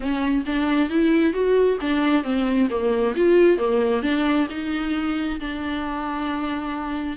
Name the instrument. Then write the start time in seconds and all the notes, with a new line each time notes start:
viola
0.00 C#4
0.46 D4
0.89 E4
1.33 F#4
1.80 D4
2.23 C4
2.70 A#3
3.16 F4
3.58 A#3
4.02 D4
4.50 D#4
5.40 D4